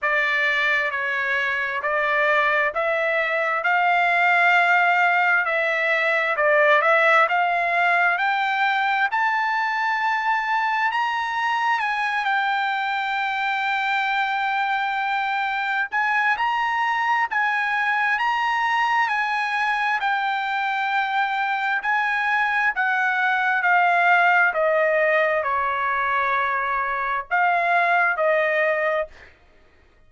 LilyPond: \new Staff \with { instrumentName = "trumpet" } { \time 4/4 \tempo 4 = 66 d''4 cis''4 d''4 e''4 | f''2 e''4 d''8 e''8 | f''4 g''4 a''2 | ais''4 gis''8 g''2~ g''8~ |
g''4. gis''8 ais''4 gis''4 | ais''4 gis''4 g''2 | gis''4 fis''4 f''4 dis''4 | cis''2 f''4 dis''4 | }